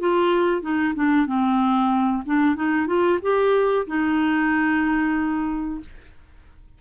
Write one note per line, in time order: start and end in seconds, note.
0.00 0.62 F4
0.62 0.94 D#4
0.95 1.27 D4
1.27 2.23 C4
2.26 2.56 D4
2.56 2.87 D#4
2.87 3.19 F4
3.22 3.87 G4
3.87 5.81 D#4